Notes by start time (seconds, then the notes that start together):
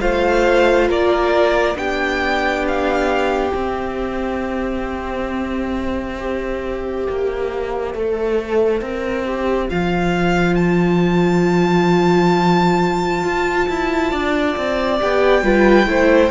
0.00 A3 F4 C5 F5
0.89 A#3 A#4 D5
1.76 B3 D4 G4 G5
2.68 F5
3.52 C4 E5
6.18 G4 C5
7.09 A#3
7.95 A3 A4
8.82 C4 A#4
9.26 G4
9.69 F3 F4 F5
10.56 A5
13.24 F4
13.69 E4
14.12 D4 D5
14.57 C4
15.00 B3 G4 G5
15.43 G3 F4 B4
15.87 A3 E4 C5